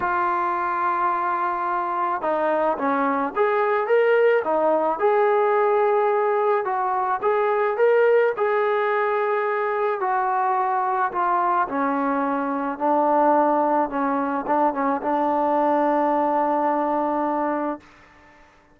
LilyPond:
\new Staff \with { instrumentName = "trombone" } { \time 4/4 \tempo 4 = 108 f'1 | dis'4 cis'4 gis'4 ais'4 | dis'4 gis'2. | fis'4 gis'4 ais'4 gis'4~ |
gis'2 fis'2 | f'4 cis'2 d'4~ | d'4 cis'4 d'8 cis'8 d'4~ | d'1 | }